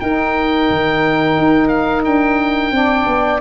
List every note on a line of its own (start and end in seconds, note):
0.00 0.69 D#4
0.00 2.72 D#4
0.00 2.75 A#4
0.00 1.68 G5
0.70 1.38 D#3
1.38 2.05 D#4
1.68 2.02 F5
2.05 2.71 D4
2.05 3.40 G5
2.71 3.05 C4
2.71 3.40 D4
2.71 3.40 D5
3.06 3.40 B3